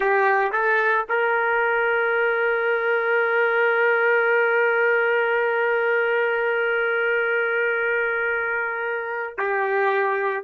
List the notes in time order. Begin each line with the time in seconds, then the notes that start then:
0.00 G4
0.52 A4
1.08 A#4
9.37 G4